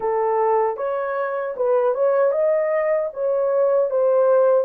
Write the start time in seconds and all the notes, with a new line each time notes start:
0.00 A4
0.76 C#5
1.56 B4
1.94 C#5
2.31 D#5
3.13 C#5
3.90 C5